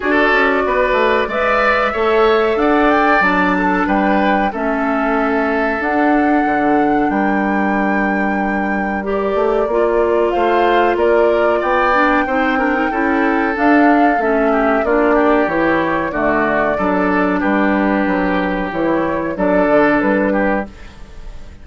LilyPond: <<
  \new Staff \with { instrumentName = "flute" } { \time 4/4 \tempo 4 = 93 d''2 e''2 | fis''8 g''8 a''4 g''4 e''4~ | e''4 fis''2 g''4~ | g''2 d''2 |
f''4 d''4 g''2~ | g''4 f''4 e''4 d''4 | cis''4 d''2 b'4~ | b'4 cis''4 d''4 b'4 | }
  \new Staff \with { instrumentName = "oboe" } { \time 4/4 a'4 b'4 d''4 cis''4 | d''4. a'8 b'4 a'4~ | a'2. ais'4~ | ais'1 |
c''4 ais'4 d''4 c''8 ais'8 | a'2~ a'8 g'8 f'8 g'8~ | g'4 fis'4 a'4 g'4~ | g'2 a'4. g'8 | }
  \new Staff \with { instrumentName = "clarinet" } { \time 4/4 fis'2 b'4 a'4~ | a'4 d'2 cis'4~ | cis'4 d'2.~ | d'2 g'4 f'4~ |
f'2~ f'8 d'8 dis'8 d'16 dis'16 | e'4 d'4 cis'4 d'4 | e'4 a4 d'2~ | d'4 e'4 d'2 | }
  \new Staff \with { instrumentName = "bassoon" } { \time 4/4 d'8 cis'8 b8 a8 gis4 a4 | d'4 fis4 g4 a4~ | a4 d'4 d4 g4~ | g2~ g8 a8 ais4 |
a4 ais4 b4 c'4 | cis'4 d'4 a4 ais4 | e4 d4 fis4 g4 | fis4 e4 fis8 d8 g4 | }
>>